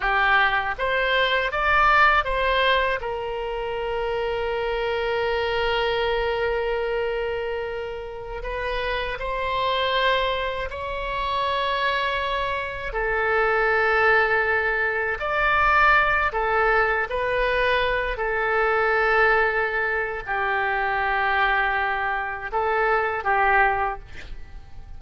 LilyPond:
\new Staff \with { instrumentName = "oboe" } { \time 4/4 \tempo 4 = 80 g'4 c''4 d''4 c''4 | ais'1~ | ais'2.~ ais'16 b'8.~ | b'16 c''2 cis''4.~ cis''16~ |
cis''4~ cis''16 a'2~ a'8.~ | a'16 d''4. a'4 b'4~ b'16~ | b'16 a'2~ a'8. g'4~ | g'2 a'4 g'4 | }